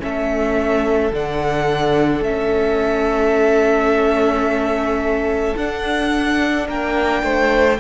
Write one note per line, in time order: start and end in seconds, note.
0.00 1.12 A3
0.00 1.11 C#4
0.00 6.67 A4
0.00 1.15 E5
1.12 2.22 D3
1.12 2.25 D4
1.12 2.24 F#5
2.22 5.55 A3
2.22 5.58 C#4
2.22 5.56 E5
5.56 6.68 D4
5.56 7.80 D4
5.56 6.68 F#5
6.67 7.23 A#3
6.67 7.23 A#4
6.67 7.81 G5
7.23 7.79 A3
7.23 7.80 C5